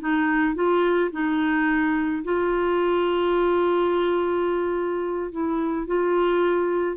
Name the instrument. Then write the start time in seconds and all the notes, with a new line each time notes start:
clarinet
0.00 D#4
0.55 F4
1.12 D#4
2.24 F4
5.32 E4
5.87 F4